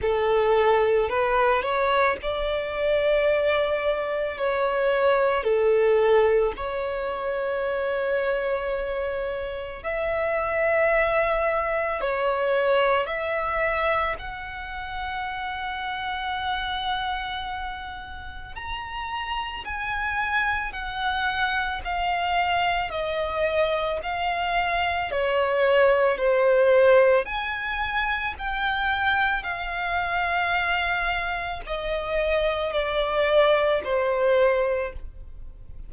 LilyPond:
\new Staff \with { instrumentName = "violin" } { \time 4/4 \tempo 4 = 55 a'4 b'8 cis''8 d''2 | cis''4 a'4 cis''2~ | cis''4 e''2 cis''4 | e''4 fis''2.~ |
fis''4 ais''4 gis''4 fis''4 | f''4 dis''4 f''4 cis''4 | c''4 gis''4 g''4 f''4~ | f''4 dis''4 d''4 c''4 | }